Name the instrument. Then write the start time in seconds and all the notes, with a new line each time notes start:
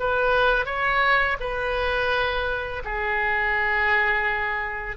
oboe
0.00 B4
0.66 C#5
1.40 B4
2.85 G#4